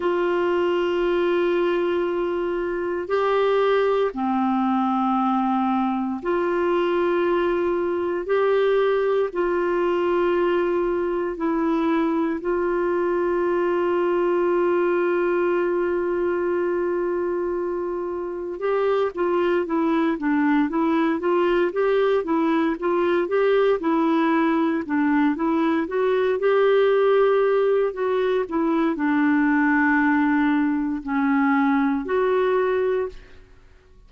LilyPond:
\new Staff \with { instrumentName = "clarinet" } { \time 4/4 \tempo 4 = 58 f'2. g'4 | c'2 f'2 | g'4 f'2 e'4 | f'1~ |
f'2 g'8 f'8 e'8 d'8 | e'8 f'8 g'8 e'8 f'8 g'8 e'4 | d'8 e'8 fis'8 g'4. fis'8 e'8 | d'2 cis'4 fis'4 | }